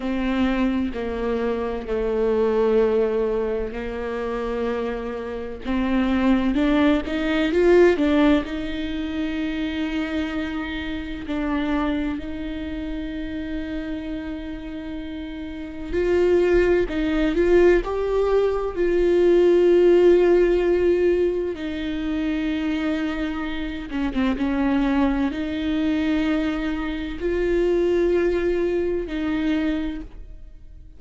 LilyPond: \new Staff \with { instrumentName = "viola" } { \time 4/4 \tempo 4 = 64 c'4 ais4 a2 | ais2 c'4 d'8 dis'8 | f'8 d'8 dis'2. | d'4 dis'2.~ |
dis'4 f'4 dis'8 f'8 g'4 | f'2. dis'4~ | dis'4. cis'16 c'16 cis'4 dis'4~ | dis'4 f'2 dis'4 | }